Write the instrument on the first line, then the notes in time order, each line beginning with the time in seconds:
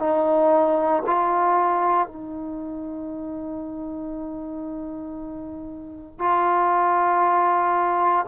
trombone
0.00 D#4
1.07 F4
2.08 D#4
6.19 F4